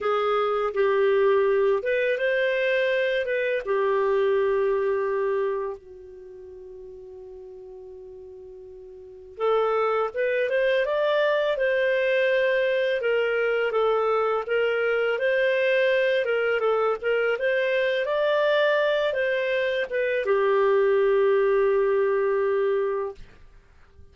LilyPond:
\new Staff \with { instrumentName = "clarinet" } { \time 4/4 \tempo 4 = 83 gis'4 g'4. b'8 c''4~ | c''8 b'8 g'2. | fis'1~ | fis'4 a'4 b'8 c''8 d''4 |
c''2 ais'4 a'4 | ais'4 c''4. ais'8 a'8 ais'8 | c''4 d''4. c''4 b'8 | g'1 | }